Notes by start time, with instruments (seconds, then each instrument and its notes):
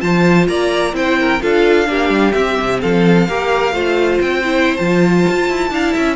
0.00 cello F3, viola F4, violin C5 A5
0.47 cello A#3, violin D5 A#5
0.93 cello C4, viola E4, violin C5 G5
1.19 violin A#4
1.42 cello D4, viola F4, violin A4 F5
1.85 cello A#3, viola D4, violin G4
2.09 cello G3
2.32 viola C4, cello C4, violin E5
2.60 cello C3
2.81 cello F3, violin A4 F5
3.28 cello A#3, viola G4, violin A#4
3.72 cello A3, viola F4, violin C5
4.21 cello C4, violin G5
4.44 viola E4
4.76 cello F3, viola F4, violin A5
5.28 cello F4
5.49 cello E4
5.70 cello D4, viola E4, violin F5
5.93 cello C#4, violin E5